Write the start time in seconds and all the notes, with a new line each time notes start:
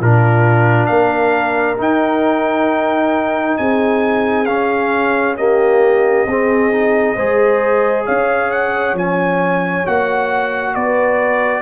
0.00 A#2 D4 F4 A#4
0.86 A#3 A#4 F5
1.77 D#4 G5
3.57 C4 G#4 G#5
4.46 C#4 F5
5.37 A#3 G4 D#5
6.26 C4 G#4
6.72 D#4
7.15 G#3 G#4 C5
8.05 C#4 C#5 F5
8.51 F#5
8.94 F3 C#4 G#5
9.86 A#3 F#4 F#5
10.75 B3 B4 D5